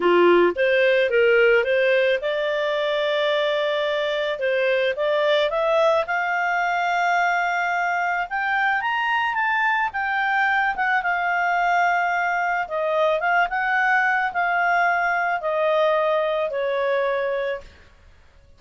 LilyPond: \new Staff \with { instrumentName = "clarinet" } { \time 4/4 \tempo 4 = 109 f'4 c''4 ais'4 c''4 | d''1 | c''4 d''4 e''4 f''4~ | f''2. g''4 |
ais''4 a''4 g''4. fis''8 | f''2. dis''4 | f''8 fis''4. f''2 | dis''2 cis''2 | }